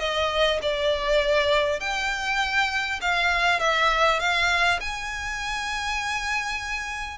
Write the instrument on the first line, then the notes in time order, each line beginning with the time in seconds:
violin
0.00 D#5
0.62 D5
1.80 G5
3.02 F5
3.60 E5
4.20 F5
4.81 G#5